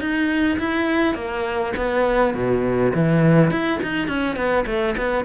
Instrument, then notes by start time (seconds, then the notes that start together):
cello
0.00 D#4
0.59 E4
1.15 A#3
1.77 B3
2.34 B2
2.94 E3
3.50 E4
3.83 D#4
4.08 C#4
4.36 B3
4.66 A3
4.97 B3